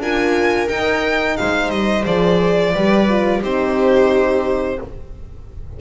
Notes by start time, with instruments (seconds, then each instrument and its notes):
0.00 double bass D4, horn F4, viola A#4, violin G#5
0.69 horn D#4, double bass D#4, violin G5
1.37 double bass G#3, viola C5, violin F5
1.70 double bass G3, violin D#5
2.05 double bass F3, horn G#4, violin D5
2.73 double bass G3, horn G4, viola B4
3.09 horn F4
3.42 double bass C4, horn D#4, viola G4, violin C5